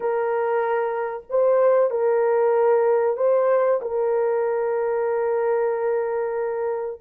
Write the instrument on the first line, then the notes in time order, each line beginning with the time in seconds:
horn
0.00 A#4
1.29 C5
1.90 A#4
3.16 C5
3.81 A#4